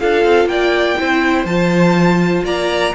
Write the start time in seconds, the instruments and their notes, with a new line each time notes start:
0.00 cello D4, viola F4, violin A4 F5
0.25 cello C4
0.45 cello A#3, violin D5 G5
0.98 cello C4, viola E4, violin C5
1.45 cello F3, viola F4, violin A5
2.44 cello A#3, violin D5 A#5